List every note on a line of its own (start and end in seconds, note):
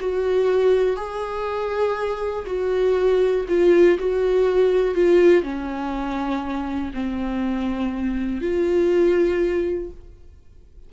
0.00 0.96 F#4
0.96 2.45 G#4
2.47 3.46 F#4
3.48 3.98 F4
3.99 4.95 F#4
4.95 5.43 F4
5.43 6.92 C#4
6.94 8.41 C4
8.41 9.90 F4